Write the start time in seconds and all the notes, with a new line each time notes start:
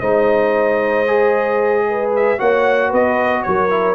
0.00 G#3 D#4 C5 D#5
1.07 G#4
1.89 B4
2.16 E5
2.38 A#3 F#4 C#5 F#5
2.89 B3 B4 D#5
3.43 F#3 A#4 C#5
3.70 E4